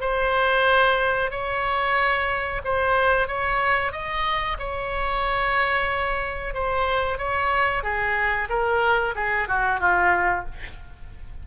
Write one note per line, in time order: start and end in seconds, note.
0.00 1.30 C5
1.30 2.61 C#5
2.64 3.27 C5
3.27 3.92 C#5
3.92 4.57 D#5
4.58 6.54 C#5
6.54 7.18 C5
7.18 7.83 C#5
7.83 8.48 G#4
8.49 9.14 A#4
9.15 9.47 G#4
9.48 9.80 F#4
9.80 10.45 F4